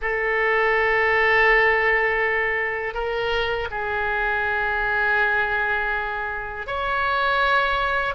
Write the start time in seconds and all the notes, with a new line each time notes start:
0.01 A4
2.94 A#4
3.70 G#4
6.66 C#5